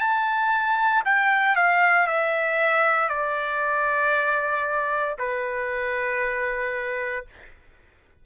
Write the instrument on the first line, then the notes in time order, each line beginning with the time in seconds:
trumpet
0.00 A5
1.05 G5
1.56 F5
2.07 E5
3.09 D5
5.19 B4